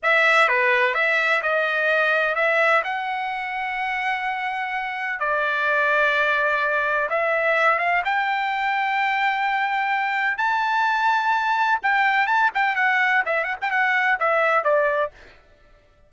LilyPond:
\new Staff \with { instrumentName = "trumpet" } { \time 4/4 \tempo 4 = 127 e''4 b'4 e''4 dis''4~ | dis''4 e''4 fis''2~ | fis''2. d''4~ | d''2. e''4~ |
e''8 f''8 g''2.~ | g''2 a''2~ | a''4 g''4 a''8 g''8 fis''4 | e''8 fis''16 g''16 fis''4 e''4 d''4 | }